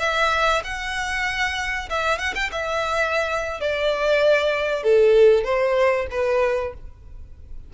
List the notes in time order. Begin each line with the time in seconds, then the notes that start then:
0.00 E5
0.64 F#5
1.90 E5
2.19 F#5
2.35 G5
2.52 E5
3.61 D5
4.84 A4
5.45 C5
6.11 B4